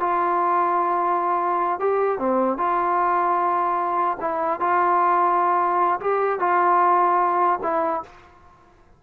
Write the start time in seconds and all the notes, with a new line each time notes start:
0.00 F4
1.80 G4
2.19 C4
2.58 F4
4.20 E4
4.60 F4
6.00 G4
6.39 F4
7.63 E4